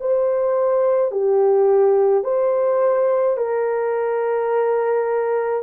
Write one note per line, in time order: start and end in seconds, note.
0.00 1.11 C5
1.11 2.24 G4
2.24 3.37 C5
3.37 5.63 A#4